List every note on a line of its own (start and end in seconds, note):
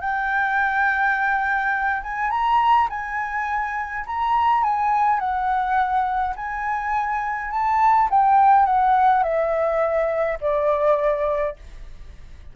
0.00 2.02 G5
2.02 2.30 G#5
2.30 2.88 A#5
2.89 4.04 G#5
4.06 4.63 A#5
4.63 5.19 G#5
5.19 6.34 F#5
6.36 7.51 G#5
7.51 8.08 A5
8.10 8.65 G5
8.65 9.23 F#5
9.23 10.38 E5
10.40 11.56 D5